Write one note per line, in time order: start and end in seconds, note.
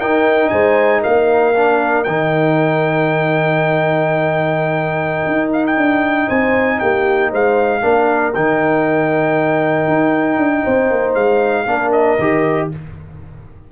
0.00 1.54 D#4
0.00 0.52 D#4
0.00 0.51 A#4
0.00 0.50 G5
0.50 1.04 G#3
0.50 1.01 C5
0.50 1.01 G#5
1.01 2.08 A#3
1.01 6.27 A#4
1.01 2.04 F5
1.55 2.06 D4
2.04 5.27 D#3
2.04 7.82 D#4
2.04 5.50 G5
5.27 5.77 D#4
5.53 5.66 F5
5.67 6.30 G5
5.77 6.28 D4
6.28 6.81 C4
6.28 6.79 C5
6.28 6.80 G#5
6.80 7.33 A#3
6.80 7.32 G4
6.80 7.31 G5
7.32 7.84 G#3
7.32 7.82 C5
7.32 8.35 F5
7.82 8.35 A#3
7.82 8.34 D4
7.82 10.64 A#4
8.35 9.88 D#3
8.35 11.67 D#4
8.35 11.15 G5
9.88 10.37 D#4
10.37 10.63 D4
10.64 10.91 C4
10.64 11.66 C5
10.91 11.15 A#3
11.15 11.66 G#3
11.15 11.92 F5
11.66 12.18 A#3
11.66 12.18 D4
11.66 12.69 A#4
11.92 12.69 D#5
12.19 12.70 D#3
12.19 12.72 G4